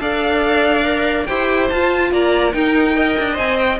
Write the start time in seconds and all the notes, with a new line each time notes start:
0.00 D4 A4 D5 F5
0.84 A#4
1.26 E4 G4 C5 G5
1.69 F4 A5
2.11 A#3 D5 A#5
2.52 D#4 A#4 G5
2.93 A#4 D#5
3.19 D4
3.33 C4 C5 G#5
3.57 G5